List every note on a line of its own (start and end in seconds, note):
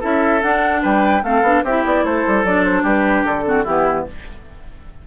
0.00 0.43 C#4
0.00 0.41 E4
0.00 0.81 A4
0.00 0.42 E5
0.42 0.84 D4
0.42 1.24 D4
0.42 0.83 F#5
0.82 1.23 G3
0.82 1.23 B4
0.82 1.24 G5
1.23 1.42 A3
1.23 1.44 C4
1.23 1.64 A4
1.23 1.65 F5
1.42 1.62 B3
1.42 1.65 D4
1.64 1.85 C4
1.64 2.46 E4
1.64 2.05 G4
1.64 1.85 E5
1.85 2.04 B3
1.85 2.05 D5
2.04 2.25 A3
2.04 2.83 A4
2.04 2.45 C5
2.28 2.44 G3
2.44 2.83 F#3
2.44 3.45 D4
2.44 2.64 D5
2.64 2.85 C5
2.83 3.24 G3
2.83 3.44 G4
2.83 3.25 B4
3.25 3.66 D3
3.25 3.65 A4
3.45 3.65 C4
3.45 3.64 F#4
3.64 4.07 E3
3.64 4.08 B3
3.64 4.05 E4
3.64 4.06 G4